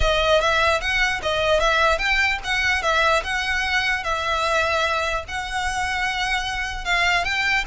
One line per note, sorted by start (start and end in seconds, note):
0.00 0.40 D#5
0.40 0.80 E5
0.80 1.21 F#5
1.22 1.59 D#5
1.59 1.98 E5
1.98 2.38 G5
2.44 2.82 F#5
2.82 3.22 E5
3.23 4.03 F#5
4.03 5.24 E5
5.28 6.84 F#5
6.84 7.24 F5
7.24 7.64 G5